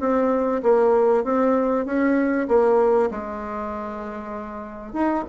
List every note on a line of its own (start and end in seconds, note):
0.00 0.62 C4
0.62 1.24 A#3
1.24 1.86 C4
1.86 2.47 C#4
2.48 3.10 A#3
3.11 4.93 G#3
4.93 5.24 D#4